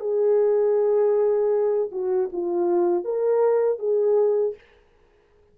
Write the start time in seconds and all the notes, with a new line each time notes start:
0.00 G#4
1.91 F#4
2.32 F4
3.04 A#4
3.79 G#4